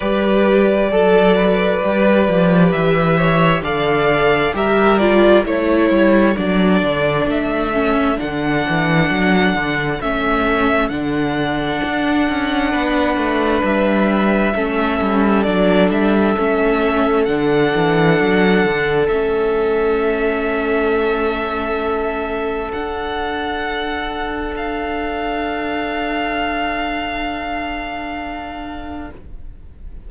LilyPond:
<<
  \new Staff \with { instrumentName = "violin" } { \time 4/4 \tempo 4 = 66 d''2. e''4 | f''4 e''8 d''8 cis''4 d''4 | e''4 fis''2 e''4 | fis''2. e''4~ |
e''4 d''8 e''4. fis''4~ | fis''4 e''2.~ | e''4 fis''2 f''4~ | f''1 | }
  \new Staff \with { instrumentName = "violin" } { \time 4/4 b'4 a'8 b'2 cis''8 | d''4 ais'4 a'2~ | a'1~ | a'2 b'2 |
a'1~ | a'1~ | a'1~ | a'1 | }
  \new Staff \with { instrumentName = "viola" } { \time 4/4 g'4 a'4 g'2 | a'4 g'8 f'8 e'4 d'4~ | d'8 cis'8 d'2 cis'4 | d'1 |
cis'4 d'4 cis'4 d'4~ | d'4 cis'2.~ | cis'4 d'2.~ | d'1 | }
  \new Staff \with { instrumentName = "cello" } { \time 4/4 g4 fis4 g8 f8 e4 | d4 g4 a8 g8 fis8 d8 | a4 d8 e8 fis8 d8 a4 | d4 d'8 cis'8 b8 a8 g4 |
a8 g8 fis8 g8 a4 d8 e8 | fis8 d8 a2.~ | a4 d'2.~ | d'1 | }
>>